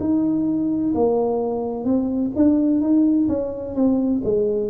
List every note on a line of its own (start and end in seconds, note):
0.00 0.94 D#4
0.95 1.85 A#3
1.85 2.31 C4
2.36 2.81 D4
2.81 3.28 D#4
3.29 3.75 C#4
3.75 4.22 C4
4.24 4.70 G#3